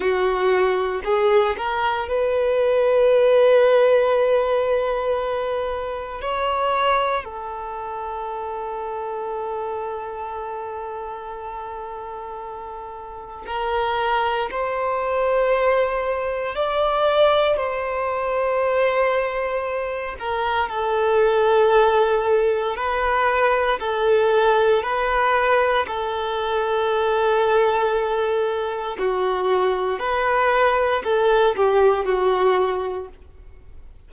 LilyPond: \new Staff \with { instrumentName = "violin" } { \time 4/4 \tempo 4 = 58 fis'4 gis'8 ais'8 b'2~ | b'2 cis''4 a'4~ | a'1~ | a'4 ais'4 c''2 |
d''4 c''2~ c''8 ais'8 | a'2 b'4 a'4 | b'4 a'2. | fis'4 b'4 a'8 g'8 fis'4 | }